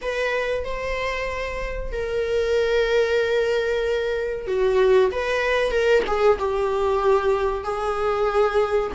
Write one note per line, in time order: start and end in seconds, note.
0.01 0.64 B4
0.64 1.92 C5
1.92 4.47 A#4
4.47 5.11 F#4
5.11 5.71 B4
5.71 6.03 A#4
6.06 6.38 G#4
6.38 7.64 G4
7.64 8.91 G#4